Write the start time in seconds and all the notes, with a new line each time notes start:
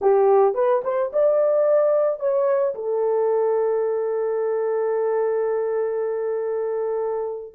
0.01 G4
0.54 B4
0.84 C5
1.12 D5
2.19 C#5
2.74 A4